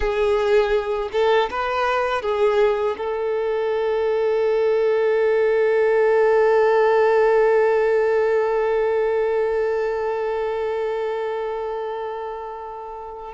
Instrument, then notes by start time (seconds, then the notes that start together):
violin
0.00 G#4
1.12 A4
1.50 B4
2.22 G#4
2.97 A4